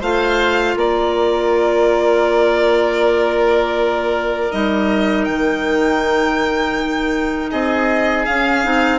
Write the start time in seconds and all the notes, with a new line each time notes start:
0.00 A3 F4 C5 F5
0.75 A#3 A#4 D5
4.52 G3 D#4 D#5
5.25 D#3 G5
7.50 C4 G#4 D#5
8.25 C#4 F5
8.64 C4 D#4